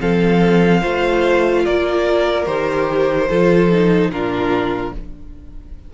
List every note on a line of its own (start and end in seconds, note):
0.00 0.84 F3
0.00 0.82 C4
0.00 0.81 A4
0.00 1.66 F5
0.81 1.66 A3
0.81 2.46 F4
0.81 1.63 C5
1.66 2.47 A#3
1.66 3.29 A#4
1.66 2.46 D5
2.46 3.29 D#3
2.46 3.28 G4
2.46 4.11 C5
3.29 4.10 F3
3.29 3.72 F4
3.29 4.11 A4
3.72 4.12 D#4
4.10 4.92 A#2
4.10 4.95 D4
4.10 4.94 F4
4.10 4.94 A#4